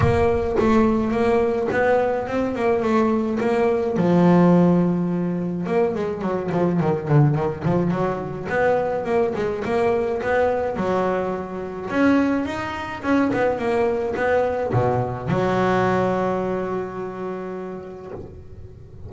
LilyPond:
\new Staff \with { instrumentName = "double bass" } { \time 4/4 \tempo 4 = 106 ais4 a4 ais4 b4 | c'8 ais8 a4 ais4 f4~ | f2 ais8 gis8 fis8 f8 | dis8 d8 dis8 f8 fis4 b4 |
ais8 gis8 ais4 b4 fis4~ | fis4 cis'4 dis'4 cis'8 b8 | ais4 b4 b,4 fis4~ | fis1 | }